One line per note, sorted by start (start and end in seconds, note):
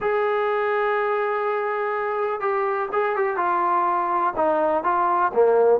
0.00 2.40 G#4
2.40 2.89 G4
2.92 3.16 G#4
3.16 3.36 G4
3.36 4.33 F4
4.36 4.83 D#4
4.83 5.32 F4
5.33 5.80 A#3